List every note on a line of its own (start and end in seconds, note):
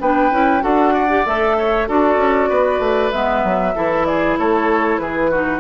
0.00 0.31 B3
0.00 0.32 D4
0.00 0.63 B4
0.00 0.63 G5
0.31 0.62 C#4
0.31 0.61 E4
0.61 1.26 D4
0.61 1.08 F#4
0.61 0.94 A4
0.61 1.26 F#5
0.94 1.56 D5
1.09 1.25 G4
1.26 1.88 A3
1.26 1.88 A4
1.26 1.88 E5
1.58 1.88 C#5
1.88 2.17 D4
1.88 3.12 F#4
1.88 2.49 A4
1.88 3.12 D5
2.17 2.48 C#4
2.49 2.79 B3
2.49 3.74 B4
2.79 3.10 A3
3.12 3.43 G#3
3.12 3.75 B3
3.12 4.05 E5
3.43 3.75 F#3
3.75 4.38 E3
3.75 5.31 E4
3.75 4.07 A4
4.05 4.39 G#4
4.05 4.37 D5
4.38 4.99 A3
4.38 5.01 A4
4.38 4.98 C#5
4.98 5.60 E3
4.98 5.31 G#4
4.98 5.60 B4
5.31 5.60 D#4
5.31 5.60 F#4